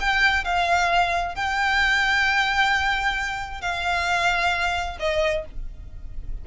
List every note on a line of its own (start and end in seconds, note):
0.00 0.44 G5
0.44 1.35 F5
1.35 3.61 G5
3.61 4.97 F5
4.99 5.45 D#5